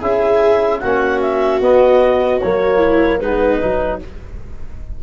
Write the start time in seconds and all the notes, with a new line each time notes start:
0.00 C#4 E4 G#4 E5
0.80 A#3 C#4 F#4 F#5
1.21 E5
1.61 B3 D#5
2.41 F#3 A#3 C#5
2.78 E4
3.19 G#3 B3 D#4 B4
3.61 F#3 D#4